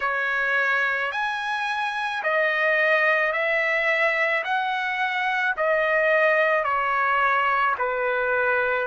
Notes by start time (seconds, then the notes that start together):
0.00 C#5
1.11 G#5
2.23 D#5
3.32 E5
4.44 F#5
5.56 D#5
6.64 C#5
7.78 B4